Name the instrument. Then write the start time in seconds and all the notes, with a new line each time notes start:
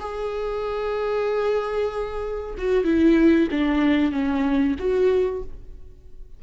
viola
0.00 G#4
2.58 F#4
2.85 E4
3.51 D4
4.12 C#4
4.79 F#4